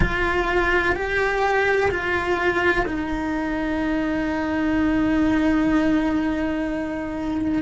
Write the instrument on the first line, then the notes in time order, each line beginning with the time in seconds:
cello
0.00 F4
0.95 G4
1.90 F4
2.86 D#4